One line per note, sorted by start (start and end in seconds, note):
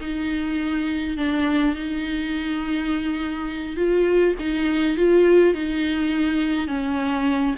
0.00 1.17 D#4
1.17 1.75 D4
1.75 3.76 D#4
3.76 4.34 F4
4.39 4.96 D#4
4.96 5.53 F4
5.53 6.67 D#4
6.67 7.54 C#4